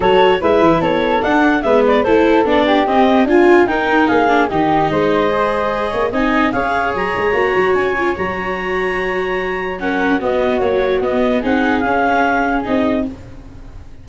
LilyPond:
<<
  \new Staff \with { instrumentName = "clarinet" } { \time 4/4 \tempo 4 = 147 cis''4 e''4 cis''4 fis''4 | e''8 d''8 c''4 d''4 dis''4 | gis''4 g''4 f''4 dis''4~ | dis''2. gis''4 |
f''4 ais''2 gis''4 | ais''1 | fis''4 dis''4 cis''4 dis''4 | fis''4 f''2 dis''4 | }
  \new Staff \with { instrumentName = "flute" } { \time 4/4 a'4 b'4 a'2 | b'4 a'4. g'4. | f'4 ais'4 gis'4 g'4 | c''2~ c''8 cis''8 dis''4 |
cis''1~ | cis''1 | ais'4 fis'2. | gis'1 | }
  \new Staff \with { instrumentName = "viola" } { \time 4/4 fis'4 e'2 d'4 | b4 e'4 d'4 c'4 | f'4 dis'4. d'8 dis'4~ | dis'4 gis'2 dis'4 |
gis'2 fis'4. f'8 | fis'1 | cis'4 b4 fis4 b4 | dis'4 cis'2 dis'4 | }
  \new Staff \with { instrumentName = "tuba" } { \time 4/4 fis4 gis8 e8 b4 d'4 | gis4 a4 b4 c'4 | d'4 dis'4 ais4 dis4 | gis2~ gis8 ais8 c'4 |
cis'4 fis8 gis8 ais8 fis8 cis'4 | fis1~ | fis4 b4 ais4 b4 | c'4 cis'2 c'4 | }
>>